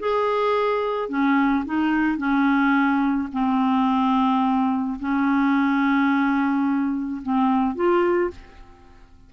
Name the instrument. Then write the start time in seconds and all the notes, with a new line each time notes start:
clarinet
0.00 G#4
1.09 C#4
1.66 D#4
2.18 C#4
3.33 C4
5.00 C#4
7.23 C4
7.76 F4